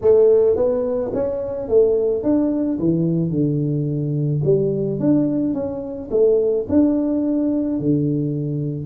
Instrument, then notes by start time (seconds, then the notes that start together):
tuba
0.01 A3
0.56 B3
1.13 C#4
1.68 A3
2.23 D4
2.79 E3
3.30 D3
4.44 G3
4.99 D4
5.54 C#4
6.11 A3
6.69 D4
7.79 D3